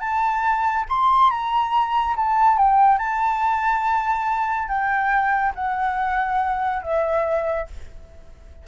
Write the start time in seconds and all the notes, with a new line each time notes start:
0.00 A5
0.89 C6
1.30 A#5
2.16 A5
2.57 G5
2.98 A5
4.68 G5
5.55 F#5
6.82 E5